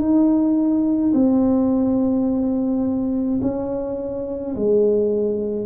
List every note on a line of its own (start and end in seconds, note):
0.00 1.13 D#4
1.14 3.41 C4
3.42 4.55 C#4
4.56 5.66 G#3